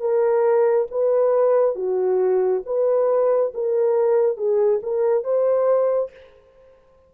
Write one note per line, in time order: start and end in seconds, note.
0.00 0.87 A#4
0.91 1.75 B4
1.75 2.62 F#4
2.66 3.53 B4
3.54 4.37 A#4
4.37 4.80 G#4
4.83 5.24 A#4
5.24 6.11 C5